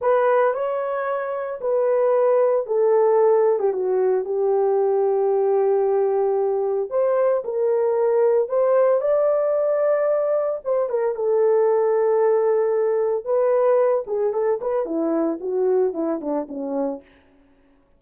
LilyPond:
\new Staff \with { instrumentName = "horn" } { \time 4/4 \tempo 4 = 113 b'4 cis''2 b'4~ | b'4 a'4.~ a'16 g'16 fis'4 | g'1~ | g'4 c''4 ais'2 |
c''4 d''2. | c''8 ais'8 a'2.~ | a'4 b'4. gis'8 a'8 b'8 | e'4 fis'4 e'8 d'8 cis'4 | }